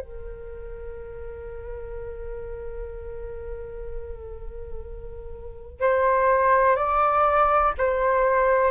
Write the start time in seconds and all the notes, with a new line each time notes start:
0.00 A#4
5.81 C5
6.76 D5
7.78 C5